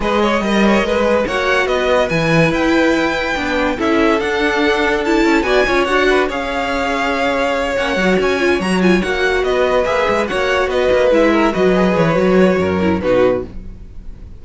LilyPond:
<<
  \new Staff \with { instrumentName = "violin" } { \time 4/4 \tempo 4 = 143 dis''2. fis''4 | dis''4 gis''4 g''2~ | g''4 e''4 fis''2 | a''4 gis''4 fis''4 f''4~ |
f''2~ f''8 fis''4 gis''8~ | gis''8 ais''8 gis''8 fis''4 dis''4 e''8~ | e''8 fis''4 dis''4 e''4 dis''8~ | dis''8 cis''2~ cis''8 b'4 | }
  \new Staff \with { instrumentName = "violin" } { \time 4/4 b'8 cis''8 dis''8 cis''8 b'4 cis''4 | b'1~ | b'4 a'2.~ | a'4 d''8 cis''4 b'8 cis''4~ |
cis''1~ | cis''2~ cis''8 b'4.~ | b'8 cis''4 b'4. ais'8 b'8~ | b'2 ais'4 fis'4 | }
  \new Staff \with { instrumentName = "viola" } { \time 4/4 gis'4 ais'4. gis'8 fis'4~ | fis'4 e'2. | d'4 e'4 d'2 | e'4 fis'8 f'8 fis'4 gis'4~ |
gis'2~ gis'8 cis'8 fis'4 | f'8 fis'8 f'8 fis'2 gis'8~ | gis'8 fis'2 e'4 fis'8 | gis'4 fis'4. e'8 dis'4 | }
  \new Staff \with { instrumentName = "cello" } { \time 4/4 gis4 g4 gis4 ais4 | b4 e4 e'2 | b4 cis'4 d'2~ | d'8 cis'8 b8 cis'8 d'4 cis'4~ |
cis'2~ cis'8 ais8 fis8 cis'8~ | cis'8 fis4 ais4 b4 ais8 | gis8 ais4 b8 ais8 gis4 fis8~ | fis8 e8 fis4 fis,4 b,4 | }
>>